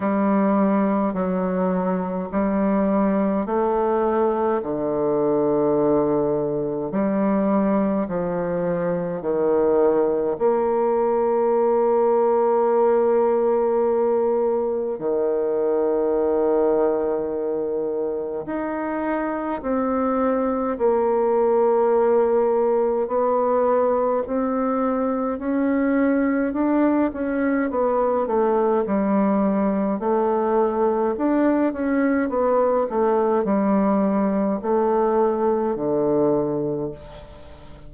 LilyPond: \new Staff \with { instrumentName = "bassoon" } { \time 4/4 \tempo 4 = 52 g4 fis4 g4 a4 | d2 g4 f4 | dis4 ais2.~ | ais4 dis2. |
dis'4 c'4 ais2 | b4 c'4 cis'4 d'8 cis'8 | b8 a8 g4 a4 d'8 cis'8 | b8 a8 g4 a4 d4 | }